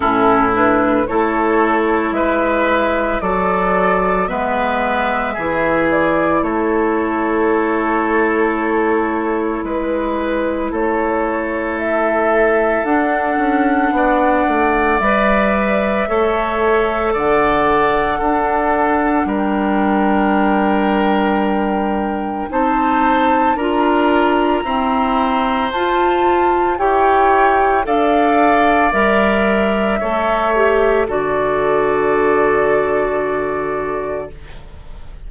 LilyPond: <<
  \new Staff \with { instrumentName = "flute" } { \time 4/4 \tempo 4 = 56 a'8 b'8 cis''4 e''4 d''4 | e''4. d''8 cis''2~ | cis''4 b'4 cis''4 e''4 | fis''2 e''2 |
fis''2 g''2~ | g''4 a''4 ais''2 | a''4 g''4 f''4 e''4~ | e''4 d''2. | }
  \new Staff \with { instrumentName = "oboe" } { \time 4/4 e'4 a'4 b'4 a'4 | b'4 gis'4 a'2~ | a'4 b'4 a'2~ | a'4 d''2 cis''4 |
d''4 a'4 ais'2~ | ais'4 c''4 ais'4 c''4~ | c''4 cis''4 d''2 | cis''4 a'2. | }
  \new Staff \with { instrumentName = "clarinet" } { \time 4/4 cis'8 d'8 e'2 fis'4 | b4 e'2.~ | e'1 | d'2 b'4 a'4~ |
a'4 d'2.~ | d'4 dis'4 f'4 c'4 | f'4 g'4 a'4 ais'4 | a'8 g'8 fis'2. | }
  \new Staff \with { instrumentName = "bassoon" } { \time 4/4 a,4 a4 gis4 fis4 | gis4 e4 a2~ | a4 gis4 a2 | d'8 cis'8 b8 a8 g4 a4 |
d4 d'4 g2~ | g4 c'4 d'4 e'4 | f'4 e'4 d'4 g4 | a4 d2. | }
>>